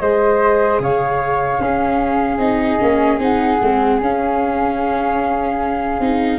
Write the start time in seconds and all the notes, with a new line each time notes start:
0.00 G#3 G#4 C5 D#5
0.79 C#3 C#5 F5
1.60 C#4 G#4
2.38 C4 D#4 D#5
2.80 A#3 C#4
3.19 C4 D#4 F#5
3.62 G#3 C4
4.01 C#4 F5
6.00 C4 D#4